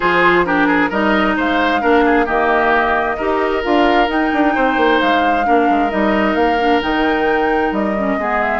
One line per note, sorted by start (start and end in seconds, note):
0.00 0.90 F3
0.00 0.45 F4
0.00 0.45 G#4
0.00 0.45 C5
0.45 0.90 D4
0.45 0.67 G4
0.45 0.90 A#4
0.67 0.89 G#4
0.89 1.36 G3
0.89 1.80 D#4
0.89 1.35 A#4
0.89 1.36 D#5
1.36 1.83 G#3
1.36 1.81 C5
1.36 2.27 F5
1.80 2.28 A#3
1.80 2.26 D4
1.80 2.04 A#4
2.05 2.25 G#4
2.25 3.18 D#3
2.25 3.18 A#3
2.25 3.16 G4
2.25 3.63 D#5
3.17 3.64 D#4
3.17 3.63 G4
3.17 4.53 A#4
3.63 4.08 D4
3.63 4.07 F4
3.63 4.09 F5
4.07 5.43 D#4
4.07 4.31 D#4
4.07 5.00 G5
4.33 4.55 D4
4.55 4.76 C4
4.55 5.46 C5
4.76 4.99 A#3
5.00 5.47 G#3
5.00 5.90 F5
5.44 5.69 A#3
5.44 5.89 D4
5.44 8.19 A#4
5.69 5.92 G#3
5.89 6.35 G3
5.89 6.57 D#4
5.89 6.35 D#5
6.35 6.80 A#3
6.35 6.80 F5
6.59 6.81 D4
6.81 7.71 D#3
6.81 7.95 D#4
6.81 7.73 G5
7.71 8.17 G3
7.71 8.41 D#5
7.97 8.18 C#4
8.17 8.60 G#3
8.17 8.60 B3
8.17 8.60 G#4
8.42 8.60 E5